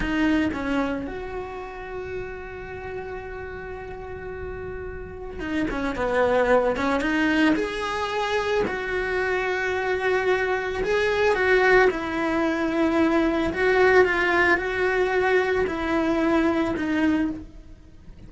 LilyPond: \new Staff \with { instrumentName = "cello" } { \time 4/4 \tempo 4 = 111 dis'4 cis'4 fis'2~ | fis'1~ | fis'2 dis'8 cis'8 b4~ | b8 cis'8 dis'4 gis'2 |
fis'1 | gis'4 fis'4 e'2~ | e'4 fis'4 f'4 fis'4~ | fis'4 e'2 dis'4 | }